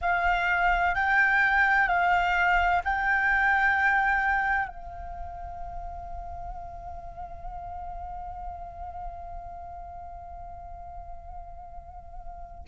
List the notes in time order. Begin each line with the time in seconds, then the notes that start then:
0.01 F5
0.95 G5
1.87 F5
2.84 G5
4.67 F5